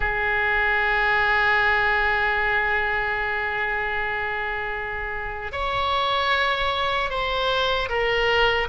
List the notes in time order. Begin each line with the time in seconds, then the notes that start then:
0.00 G#4
5.52 C#5
7.09 C5
7.89 A#4